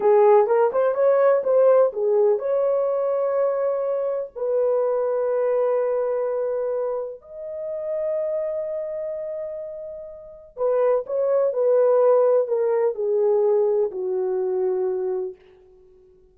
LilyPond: \new Staff \with { instrumentName = "horn" } { \time 4/4 \tempo 4 = 125 gis'4 ais'8 c''8 cis''4 c''4 | gis'4 cis''2.~ | cis''4 b'2.~ | b'2. dis''4~ |
dis''1~ | dis''2 b'4 cis''4 | b'2 ais'4 gis'4~ | gis'4 fis'2. | }